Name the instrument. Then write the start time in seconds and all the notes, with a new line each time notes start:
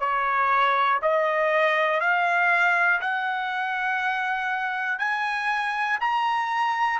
trumpet
0.00 C#5
1.02 D#5
2.00 F5
3.01 F#5
4.99 G#5
6.00 A#5